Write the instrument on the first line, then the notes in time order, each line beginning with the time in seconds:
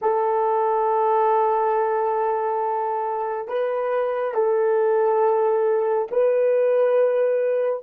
horn
0.01 A4
3.48 B4
4.34 A4
6.11 B4